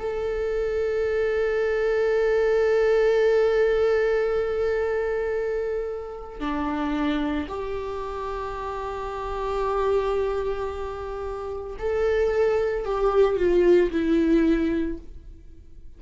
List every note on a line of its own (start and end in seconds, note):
0.00 6.40 A4
6.40 7.48 D4
7.49 11.78 G4
11.80 12.86 A4
12.86 13.37 G4
13.37 13.91 F4
13.91 14.99 E4